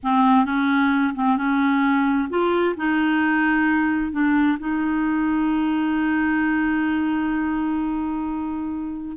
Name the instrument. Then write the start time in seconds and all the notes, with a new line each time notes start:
clarinet
0.03 C4
0.45 C#4
1.15 C4
1.37 C#4
2.29 F4
2.76 D#4
4.12 D4
4.59 D#4